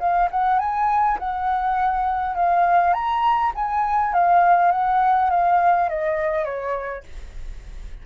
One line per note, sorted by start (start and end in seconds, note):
0.00 0.29 F5
0.31 0.60 F#5
0.60 1.18 G#5
1.19 2.36 F#5
2.36 2.94 F5
2.94 3.53 A#5
3.55 4.14 G#5
4.14 4.72 F5
4.72 5.31 F#5
5.31 5.89 F5
5.89 6.45 D#5
6.45 7.04 C#5